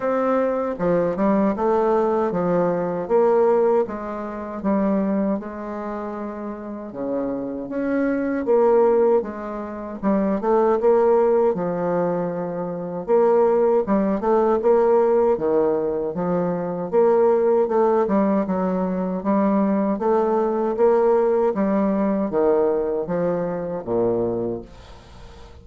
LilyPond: \new Staff \with { instrumentName = "bassoon" } { \time 4/4 \tempo 4 = 78 c'4 f8 g8 a4 f4 | ais4 gis4 g4 gis4~ | gis4 cis4 cis'4 ais4 | gis4 g8 a8 ais4 f4~ |
f4 ais4 g8 a8 ais4 | dis4 f4 ais4 a8 g8 | fis4 g4 a4 ais4 | g4 dis4 f4 ais,4 | }